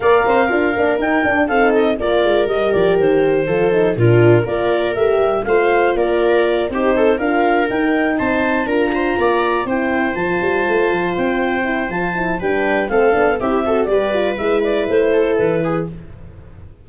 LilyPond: <<
  \new Staff \with { instrumentName = "clarinet" } { \time 4/4 \tempo 4 = 121 f''2 g''4 f''8 dis''8 | d''4 dis''8 d''8 c''2 | ais'4 d''4 e''4 f''4 | d''4. c''4 f''4 g''8~ |
g''8 a''4 ais''2 g''8~ | g''8 a''2 g''4. | a''4 g''4 f''4 e''4 | d''4 e''8 d''8 c''4 b'4 | }
  \new Staff \with { instrumentName = "viola" } { \time 4/4 d''8 c''8 ais'2 a'4 | ais'2. a'4 | f'4 ais'2 c''4 | ais'4. g'8 a'8 ais'4.~ |
ais'8 c''4 ais'8 c''8 d''4 c''8~ | c''1~ | c''4 b'4 a'4 g'8 a'8 | b'2~ b'8 a'4 gis'8 | }
  \new Staff \with { instrumentName = "horn" } { \time 4/4 ais'4 f'8 d'8 dis'8 d'8 dis'4 | f'4 g'2 f'8 dis'8 | d'4 f'4 g'4 f'4~ | f'4. dis'4 f'4 dis'8~ |
dis'4. f'2 e'8~ | e'8 f'2. e'8 | f'8 e'8 d'4 c'8 d'8 e'8 fis'8 | g'8 f'8 e'2. | }
  \new Staff \with { instrumentName = "tuba" } { \time 4/4 ais8 c'8 d'8 ais8 dis'8 d'8 c'4 | ais8 gis8 g8 f8 dis4 f4 | ais,4 ais4 a8 g8 a4 | ais4. c'4 d'4 dis'8~ |
dis'8 c'4 d'4 ais4 c'8~ | c'8 f8 g8 a8 f8 c'4. | f4 g4 a8 b8 c'4 | g4 gis4 a4 e4 | }
>>